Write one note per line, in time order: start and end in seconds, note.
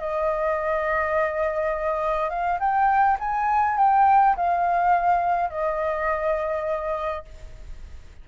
0.00 2.30 D#5
2.30 2.59 F5
2.60 3.18 G5
3.20 3.78 G#5
3.78 4.36 G5
4.37 5.50 F5
5.50 7.25 D#5